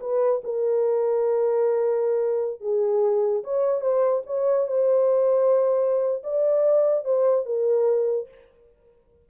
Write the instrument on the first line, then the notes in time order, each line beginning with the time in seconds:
horn
0.00 B4
0.43 A#4
2.60 G#4
3.44 C#5
3.81 C5
4.26 C#5
4.67 C5
6.23 D5
7.04 C5
7.45 A#4